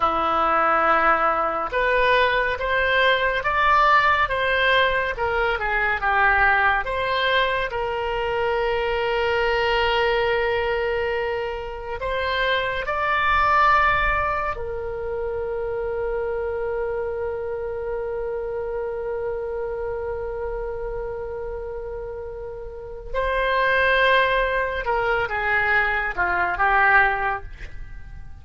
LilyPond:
\new Staff \with { instrumentName = "oboe" } { \time 4/4 \tempo 4 = 70 e'2 b'4 c''4 | d''4 c''4 ais'8 gis'8 g'4 | c''4 ais'2.~ | ais'2 c''4 d''4~ |
d''4 ais'2.~ | ais'1~ | ais'2. c''4~ | c''4 ais'8 gis'4 f'8 g'4 | }